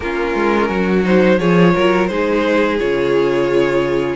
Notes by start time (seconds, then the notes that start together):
0.00 A#3 C#4 F4 A#4
0.35 G#3
0.68 F#3 F#4
1.03 D#4 C5
1.39 F3 F4 G#4 C#5
1.75 F#3 A#4
2.07 G#3 D#4 G#4 C5
2.79 C#3 F4 C#5